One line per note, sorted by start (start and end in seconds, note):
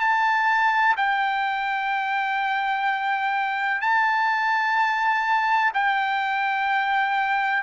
0.00 0.95 A5
0.97 3.81 G5
3.81 5.72 A5
5.74 7.63 G5